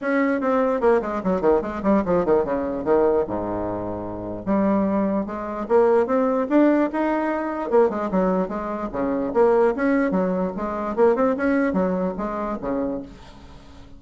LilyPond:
\new Staff \with { instrumentName = "bassoon" } { \time 4/4 \tempo 4 = 148 cis'4 c'4 ais8 gis8 fis8 dis8 | gis8 g8 f8 dis8 cis4 dis4 | gis,2. g4~ | g4 gis4 ais4 c'4 |
d'4 dis'2 ais8 gis8 | fis4 gis4 cis4 ais4 | cis'4 fis4 gis4 ais8 c'8 | cis'4 fis4 gis4 cis4 | }